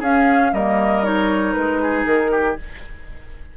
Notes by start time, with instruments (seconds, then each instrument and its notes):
0.00 bassoon C#4, clarinet C#4, oboe G#4, flute F5
0.53 bassoon G3, clarinet A#3, oboe A#4, flute D#5
1.04 clarinet D#4, flute C#5
1.53 bassoon G#3, flute B4
1.82 oboe G#4
2.06 bassoon D#3, flute A#4
2.31 oboe G4